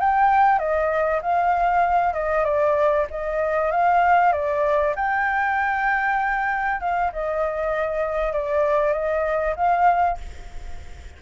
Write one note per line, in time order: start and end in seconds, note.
0.00 0.59 G5
0.59 1.21 D#5
1.22 2.14 F5
2.14 2.44 D#5
2.44 3.06 D5
3.10 3.71 D#5
3.71 4.32 F5
4.32 4.94 D5
4.95 6.80 G5
6.80 7.11 F5
7.12 8.33 D#5
8.33 8.93 D5
8.93 9.55 D#5
9.56 10.18 F5